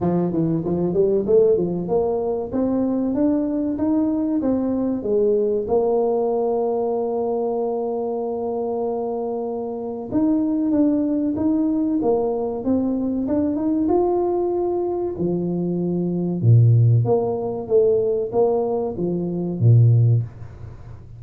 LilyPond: \new Staff \with { instrumentName = "tuba" } { \time 4/4 \tempo 4 = 95 f8 e8 f8 g8 a8 f8 ais4 | c'4 d'4 dis'4 c'4 | gis4 ais2.~ | ais1 |
dis'4 d'4 dis'4 ais4 | c'4 d'8 dis'8 f'2 | f2 ais,4 ais4 | a4 ais4 f4 ais,4 | }